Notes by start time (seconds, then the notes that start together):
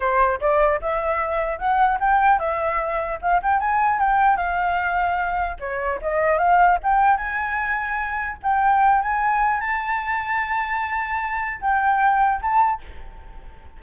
0.00 C5
0.40 D5
0.81 E5
1.58 F#5
1.99 G5
2.39 E5
3.21 F5
3.42 G5
3.60 G#5
3.99 G5
4.37 F5
5.59 C#5
6.01 D#5
6.38 F5
6.83 G5
7.17 G#5
8.43 G5
9.01 G#5
9.60 A5
11.60 G5
12.41 A5